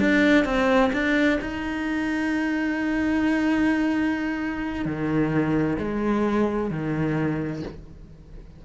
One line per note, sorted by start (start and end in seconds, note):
0.00 0.45 D4
0.45 0.91 C4
0.93 1.39 D4
1.41 4.85 D#4
4.85 5.78 D#3
5.79 6.70 G#3
6.70 7.63 D#3